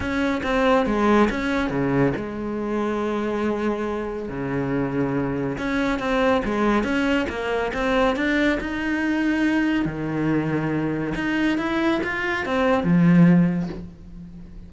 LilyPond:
\new Staff \with { instrumentName = "cello" } { \time 4/4 \tempo 4 = 140 cis'4 c'4 gis4 cis'4 | cis4 gis2.~ | gis2 cis2~ | cis4 cis'4 c'4 gis4 |
cis'4 ais4 c'4 d'4 | dis'2. dis4~ | dis2 dis'4 e'4 | f'4 c'4 f2 | }